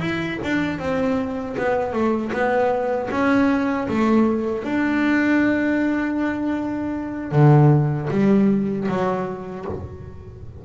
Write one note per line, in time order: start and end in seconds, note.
0.00 0.38 E4
0.43 0.79 D4
0.79 1.56 C4
1.57 1.92 B3
1.92 2.31 A3
2.32 3.09 B3
3.10 3.87 C#4
3.88 4.64 A3
4.64 7.31 D4
7.31 8.08 D3
8.10 8.87 G3
8.88 9.65 F#3